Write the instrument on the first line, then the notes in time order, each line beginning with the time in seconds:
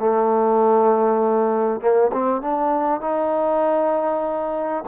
trombone
0.00 A3
1.81 A#3
2.13 C4
2.42 D4
3.01 D#4